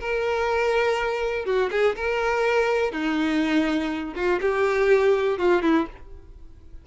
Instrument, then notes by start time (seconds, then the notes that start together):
violin
0.00 A#4
1.45 F#4
1.71 G#4
1.96 A#4
2.92 D#4
4.15 F4
4.41 G4
5.38 F4
5.62 E4